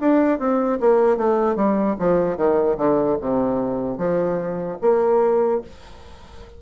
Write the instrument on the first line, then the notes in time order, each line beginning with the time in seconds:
bassoon
0.00 D4
0.39 C4
0.80 A#3
1.17 A3
1.56 G3
1.99 F3
2.37 D#3
2.77 D3
3.20 C3
3.98 F3
4.81 A#3